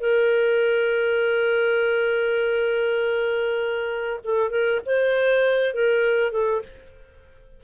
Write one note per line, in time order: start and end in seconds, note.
0.00 4.20 A#4
4.24 4.50 A4
4.50 4.80 A#4
4.86 5.74 C5
5.74 6.32 A#4
6.32 6.62 A4